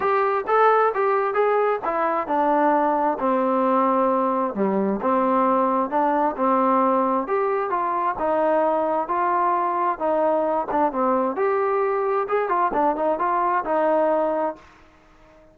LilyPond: \new Staff \with { instrumentName = "trombone" } { \time 4/4 \tempo 4 = 132 g'4 a'4 g'4 gis'4 | e'4 d'2 c'4~ | c'2 g4 c'4~ | c'4 d'4 c'2 |
g'4 f'4 dis'2 | f'2 dis'4. d'8 | c'4 g'2 gis'8 f'8 | d'8 dis'8 f'4 dis'2 | }